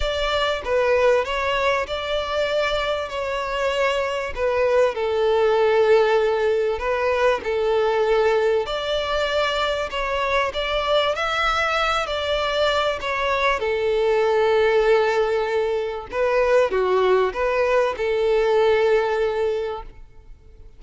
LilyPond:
\new Staff \with { instrumentName = "violin" } { \time 4/4 \tempo 4 = 97 d''4 b'4 cis''4 d''4~ | d''4 cis''2 b'4 | a'2. b'4 | a'2 d''2 |
cis''4 d''4 e''4. d''8~ | d''4 cis''4 a'2~ | a'2 b'4 fis'4 | b'4 a'2. | }